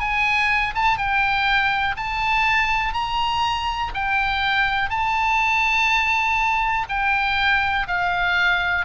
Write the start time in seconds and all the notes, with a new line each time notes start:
0.00 G#5
0.75 A5
0.97 G5
1.97 A5
2.93 A#5
3.94 G5
4.90 A5
6.89 G5
7.87 F5